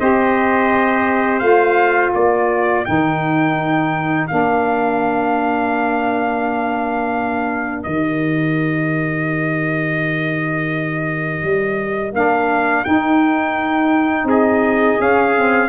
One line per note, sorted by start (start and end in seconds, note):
0.00 1.42 C4
0.00 1.41 G4
0.00 2.14 C5
0.00 1.39 D#5
1.39 2.13 A3
1.39 2.84 F4
1.39 2.10 F5
2.14 2.86 A#3
2.14 14.28 A#4
2.14 2.85 D5
2.85 4.31 D#3
2.85 4.29 D#4
2.85 4.28 G5
4.28 7.86 A#3
4.28 7.86 D4
4.28 7.83 F5
7.83 11.43 D#3
7.83 12.13 G4
7.83 12.12 D#5
11.44 12.13 G3
12.13 12.84 A#3
12.13 12.84 D4
12.13 12.85 F5
12.85 14.99 D#4
12.85 14.24 D#4
12.85 14.28 G5
14.24 14.96 C4
14.24 15.69 G#4
14.30 15.01 D#5
14.99 15.34 C#4
14.99 15.69 C#4
14.99 15.69 F5
15.36 15.69 C4